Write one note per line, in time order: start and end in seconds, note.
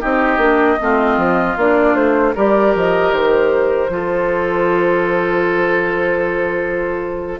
0.00 0.37 C4
0.00 0.39 D#4
0.00 0.78 G4
0.00 1.57 D#5
0.37 0.76 A#3
0.37 0.78 D4
0.79 1.17 A3
0.79 1.56 C4
0.79 2.35 F4
1.17 1.56 F3
1.56 1.94 A#3
1.56 2.35 D4
1.56 1.95 D5
1.94 2.33 A3
1.94 2.34 C5
2.35 2.75 G3
2.35 3.90 G4
2.35 3.90 A#4
2.35 2.75 D5
2.75 3.12 F3
2.75 3.13 D#5
3.12 3.89 D#3
3.12 7.40 C5
3.89 7.39 F3
3.89 7.40 F4
3.89 7.40 A4